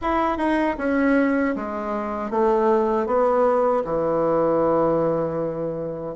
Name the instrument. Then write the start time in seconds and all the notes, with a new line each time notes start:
bassoon
0.01 E4
0.37 D#4
0.78 C#4
1.55 G#3
2.30 A3
3.06 B3
3.84 E3